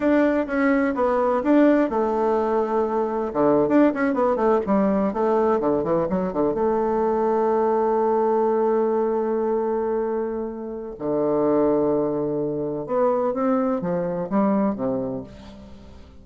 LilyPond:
\new Staff \with { instrumentName = "bassoon" } { \time 4/4 \tempo 4 = 126 d'4 cis'4 b4 d'4 | a2. d8. d'16~ | d'16 cis'8 b8 a8 g4 a4 d16~ | d16 e8 fis8 d8 a2~ a16~ |
a1~ | a2. d4~ | d2. b4 | c'4 f4 g4 c4 | }